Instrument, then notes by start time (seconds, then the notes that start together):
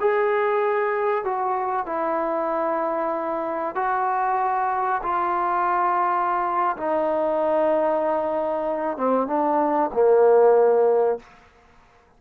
trombone
0.00 G#4
1.25 F#4
1.86 E4
3.76 F#4
5.03 F4
6.77 D#4
8.97 C4
9.28 D4
9.93 A#3